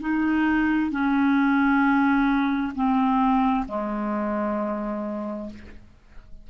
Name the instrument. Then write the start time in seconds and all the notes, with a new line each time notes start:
clarinet
0.00 D#4
0.90 C#4
2.75 C4
3.68 G#3